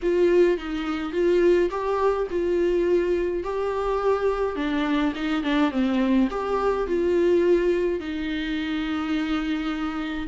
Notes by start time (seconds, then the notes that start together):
0.02 F4
0.57 D#4
1.12 F4
1.70 G4
2.30 F4
3.43 G4
4.56 D4
5.15 D#4
5.43 D4
5.71 C4
6.30 G4
6.87 F4
7.99 D#4